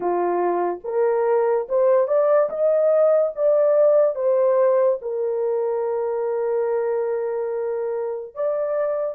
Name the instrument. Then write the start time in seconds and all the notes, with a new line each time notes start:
horn
0.00 F4
0.84 A#4
1.68 C5
2.07 D5
2.49 D#5
3.35 D5
4.15 C5
5.01 A#4
8.34 D5